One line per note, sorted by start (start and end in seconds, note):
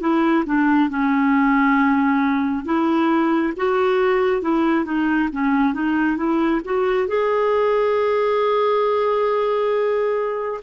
0.00 0.44 E4
0.45 0.89 D4
0.89 2.65 C#4
2.65 3.53 E4
3.56 4.41 F#4
4.41 4.84 E4
4.84 5.29 D#4
5.32 5.74 C#4
5.74 6.16 D#4
6.16 6.61 E4
6.65 7.07 F#4
7.07 10.60 G#4